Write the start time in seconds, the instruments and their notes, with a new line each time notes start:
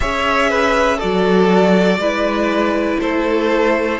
0.00 cello C#4, viola G#4, violin C#5 E5
0.49 violin B4
0.96 viola F#4, violin A4 D5
1.03 cello F#3
1.97 cello G#3, viola E4, violin B4
3.00 cello A3, violin A4 C5